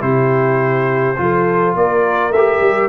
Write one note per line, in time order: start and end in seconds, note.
0.00 1.17 C3
0.00 1.15 E4
0.00 1.19 G4
0.00 1.75 C5
1.16 1.75 F3
1.16 2.32 F4
1.16 1.77 A4
1.75 2.30 A#3
1.75 2.88 A#4
1.75 2.32 D5
2.30 2.58 A3
2.30 2.88 E5
2.36 2.88 G4
2.60 2.88 G3